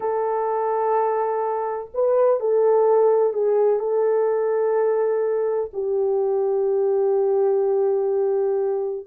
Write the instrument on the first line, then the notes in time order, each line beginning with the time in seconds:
horn
0.00 A4
1.94 B4
2.40 A4
3.33 G#4
3.79 A4
5.73 G4